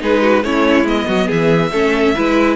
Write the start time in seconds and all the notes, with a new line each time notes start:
0.00 G#3 D#4 G#4 B4
0.22 F#4
0.44 A3 C#4 E4 C#5
0.84 G#3 B3 D#5
1.08 F#3 F#4
1.27 E3 G#4 E5
1.72 A3 C#4 A4
2.15 G#3 E4 B4